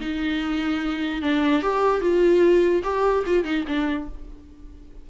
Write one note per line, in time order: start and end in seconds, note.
0.00 1.22 D#4
1.22 1.62 D4
1.62 2.01 G4
2.01 2.83 F4
2.83 3.24 G4
3.26 3.44 F4
3.44 3.64 D#4
3.67 4.08 D4